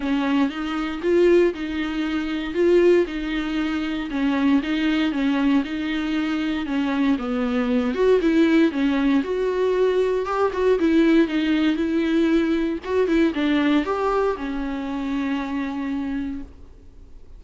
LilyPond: \new Staff \with { instrumentName = "viola" } { \time 4/4 \tempo 4 = 117 cis'4 dis'4 f'4 dis'4~ | dis'4 f'4 dis'2 | cis'4 dis'4 cis'4 dis'4~ | dis'4 cis'4 b4. fis'8 |
e'4 cis'4 fis'2 | g'8 fis'8 e'4 dis'4 e'4~ | e'4 fis'8 e'8 d'4 g'4 | cis'1 | }